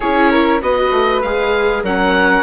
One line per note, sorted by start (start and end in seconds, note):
0.00 0.61 C#4
0.00 0.61 E4
0.00 0.30 G#4
0.00 0.61 C#5
0.30 0.61 A#4
0.61 0.91 B3
0.61 1.23 F#4
0.61 1.83 B4
0.61 1.21 D#5
0.91 1.21 A3
1.21 1.83 G#3
1.21 1.85 G#4
1.21 1.83 F5
1.83 2.43 F#3
1.83 2.43 C#4
1.83 2.43 A#4
1.83 2.43 F#5